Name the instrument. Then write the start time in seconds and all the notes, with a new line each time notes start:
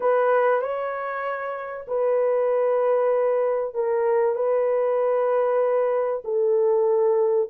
horn
0.00 B4
0.61 C#5
1.87 B4
3.74 A#4
4.35 B4
6.24 A4